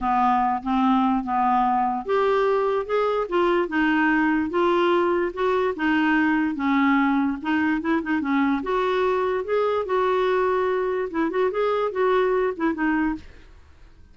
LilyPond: \new Staff \with { instrumentName = "clarinet" } { \time 4/4 \tempo 4 = 146 b4. c'4. b4~ | b4 g'2 gis'4 | f'4 dis'2 f'4~ | f'4 fis'4 dis'2 |
cis'2 dis'4 e'8 dis'8 | cis'4 fis'2 gis'4 | fis'2. e'8 fis'8 | gis'4 fis'4. e'8 dis'4 | }